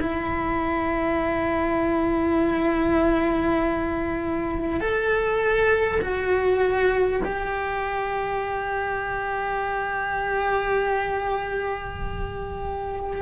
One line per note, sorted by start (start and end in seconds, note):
0.00 4.80 E4
4.80 6.00 A4
6.01 7.21 F#4
7.24 13.21 G4